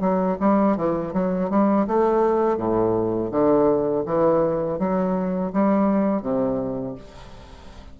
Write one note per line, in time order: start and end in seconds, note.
0.00 0.37 F#3
0.40 0.76 G3
0.76 1.13 E3
1.13 1.49 F#3
1.50 1.86 G3
1.87 2.57 A3
2.57 3.30 A2
3.31 4.04 D3
4.05 4.78 E3
4.78 5.51 F#3
5.52 6.22 G3
6.22 6.95 C3